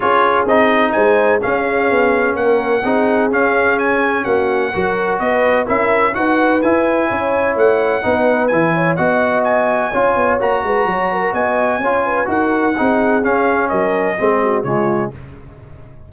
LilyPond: <<
  \new Staff \with { instrumentName = "trumpet" } { \time 4/4 \tempo 4 = 127 cis''4 dis''4 gis''4 f''4~ | f''4 fis''2 f''4 | gis''4 fis''2 dis''4 | e''4 fis''4 gis''2 |
fis''2 gis''4 fis''4 | gis''2 ais''2 | gis''2 fis''2 | f''4 dis''2 cis''4 | }
  \new Staff \with { instrumentName = "horn" } { \time 4/4 gis'2 c''4 gis'4~ | gis'4 ais'4 gis'2~ | gis'4 fis'4 ais'4 b'4 | ais'4 b'2 cis''4~ |
cis''4 b'4. cis''8 dis''4~ | dis''4 cis''4. b'8 cis''8 ais'8 | dis''4 cis''8 b'8 ais'4 gis'4~ | gis'4 ais'4 gis'8 fis'8 f'4 | }
  \new Staff \with { instrumentName = "trombone" } { \time 4/4 f'4 dis'2 cis'4~ | cis'2 dis'4 cis'4~ | cis'2 fis'2 | e'4 fis'4 e'2~ |
e'4 dis'4 e'4 fis'4~ | fis'4 f'4 fis'2~ | fis'4 f'4 fis'4 dis'4 | cis'2 c'4 gis4 | }
  \new Staff \with { instrumentName = "tuba" } { \time 4/4 cis'4 c'4 gis4 cis'4 | b4 ais4 c'4 cis'4~ | cis'4 ais4 fis4 b4 | cis'4 dis'4 e'4 cis'4 |
a4 b4 e4 b4~ | b4 cis'8 b8 ais8 gis8 fis4 | b4 cis'4 dis'4 c'4 | cis'4 fis4 gis4 cis4 | }
>>